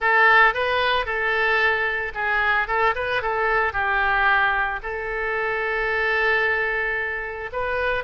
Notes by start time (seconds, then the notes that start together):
0.00 A4
0.54 B4
1.05 A4
2.14 G#4
2.67 A4
2.95 B4
3.21 A4
3.72 G4
4.82 A4
7.52 B4